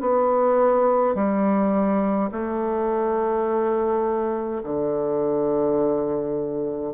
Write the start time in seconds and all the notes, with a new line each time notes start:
0.00 B3
1.14 G3
2.32 A3
4.63 D3